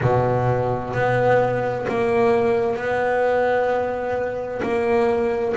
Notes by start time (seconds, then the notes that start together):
0.01 B2
0.93 B3
1.88 A#3
2.76 B3
4.62 A#3